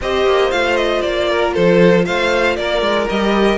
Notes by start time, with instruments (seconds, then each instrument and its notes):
0.01 cello C4, viola G4, violin C5 D#5
0.26 cello A#3
0.51 cello A3, viola F4, violin F5
0.76 violin D#5
1.01 cello A#3, violin D5
1.29 violin A#4
1.54 cello F3, violin A4 C5
2.05 cello A3, violin C5 F5
2.56 cello A#3, violin A#4 D5
2.81 cello G#3
3.09 cello G3, viola G4, violin D#5